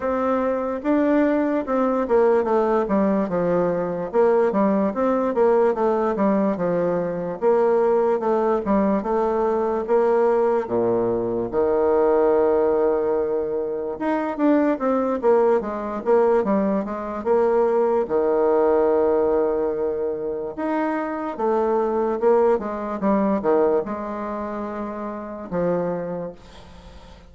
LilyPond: \new Staff \with { instrumentName = "bassoon" } { \time 4/4 \tempo 4 = 73 c'4 d'4 c'8 ais8 a8 g8 | f4 ais8 g8 c'8 ais8 a8 g8 | f4 ais4 a8 g8 a4 | ais4 ais,4 dis2~ |
dis4 dis'8 d'8 c'8 ais8 gis8 ais8 | g8 gis8 ais4 dis2~ | dis4 dis'4 a4 ais8 gis8 | g8 dis8 gis2 f4 | }